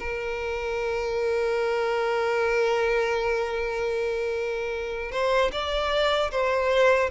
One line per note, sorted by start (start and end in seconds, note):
0.00 5.12 A#4
5.12 5.52 C5
5.52 6.31 D5
6.31 7.10 C5